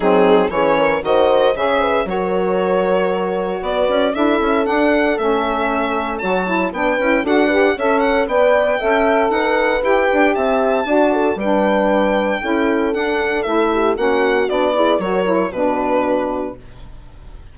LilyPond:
<<
  \new Staff \with { instrumentName = "violin" } { \time 4/4 \tempo 4 = 116 gis'4 cis''4 dis''4 e''4 | cis''2. d''4 | e''4 fis''4 e''2 | a''4 g''4 fis''4 e''8 fis''8 |
g''2 fis''4 g''4 | a''2 g''2~ | g''4 fis''4 e''4 fis''4 | d''4 cis''4 b'2 | }
  \new Staff \with { instrumentName = "horn" } { \time 4/4 dis'4 gis'8 ais'8 c''4 cis''8 b'8 | ais'2. b'4 | a'1 | cis''4 b'4 a'8 b'8 cis''4 |
d''4 e''4 b'2 | e''4 d''8 a'8 b'2 | a'2~ a'8 g'8 fis'4~ | fis'8 gis'8 ais'4 fis'2 | }
  \new Staff \with { instrumentName = "saxophone" } { \time 4/4 c'4 cis'4 fis'4 gis'4 | fis'1 | e'4 d'4 cis'2 | fis'8 e'8 d'8 e'8 fis'8 g'8 a'4 |
b'4 a'2 g'4~ | g'4 fis'4 d'2 | e'4 d'4 e'4 cis'4 | d'8 e'8 fis'8 e'8 d'2 | }
  \new Staff \with { instrumentName = "bassoon" } { \time 4/4 fis4 e4 dis4 cis4 | fis2. b8 cis'8 | d'8 cis'8 d'4 a2 | fis4 b8 cis'8 d'4 cis'4 |
b4 cis'4 dis'4 e'8 d'8 | c'4 d'4 g2 | cis'4 d'4 a4 ais4 | b4 fis4 b,2 | }
>>